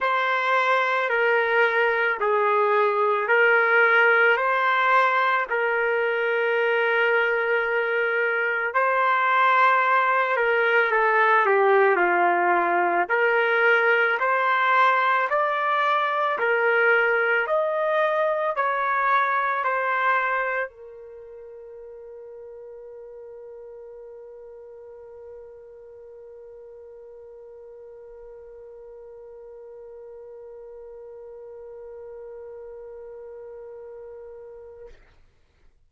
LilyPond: \new Staff \with { instrumentName = "trumpet" } { \time 4/4 \tempo 4 = 55 c''4 ais'4 gis'4 ais'4 | c''4 ais'2. | c''4. ais'8 a'8 g'8 f'4 | ais'4 c''4 d''4 ais'4 |
dis''4 cis''4 c''4 ais'4~ | ais'1~ | ais'1~ | ais'1 | }